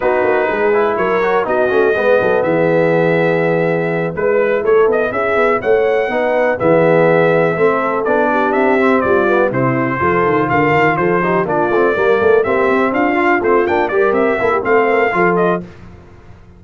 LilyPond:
<<
  \new Staff \with { instrumentName = "trumpet" } { \time 4/4 \tempo 4 = 123 b'2 cis''4 dis''4~ | dis''4 e''2.~ | e''8 b'4 cis''8 dis''8 e''4 fis''8~ | fis''4. e''2~ e''8~ |
e''8 d''4 e''4 d''4 c''8~ | c''4. f''4 c''4 d''8~ | d''4. e''4 f''4 c''8 | g''8 d''8 e''4 f''4. dis''8 | }
  \new Staff \with { instrumentName = "horn" } { \time 4/4 fis'4 gis'4 ais'4 fis'4 | b'8 a'8 gis'2.~ | gis'8 b'4 a'4 gis'4 cis''8~ | cis''8 b'4 gis'2 a'8~ |
a'4 g'4. f'4 e'8~ | e'8 a'4 ais'4 a'8 g'8 f'8~ | f'8 ais'8 a'8 g'4 f'4.~ | f'8 ais'4 a'16 g'16 c''8 ais'8 a'4 | }
  \new Staff \with { instrumentName = "trombone" } { \time 4/4 dis'4. e'4 fis'8 dis'8 cis'8 | b1~ | b8 e'2.~ e'8~ | e'8 dis'4 b2 c'8~ |
c'8 d'4. c'4 b8 c'8~ | c'8 f'2~ f'8 dis'8 d'8 | c'8 ais4 c'4. f'8 c'8 | d'8 g'4 e'8 c'4 f'4 | }
  \new Staff \with { instrumentName = "tuba" } { \time 4/4 b8 ais8 gis4 fis4 b8 a8 | gis8 fis8 e2.~ | e8 gis4 a8 b8 cis'8 b8 a8~ | a8 b4 e2 a8~ |
a8 b4 c'4 g4 c8~ | c8 f8 dis8 d8 dis8 f4 ais8 | a8 g8 a8 ais8 c'8 d'4 a8 | ais8 g8 c'8 ais8 a4 f4 | }
>>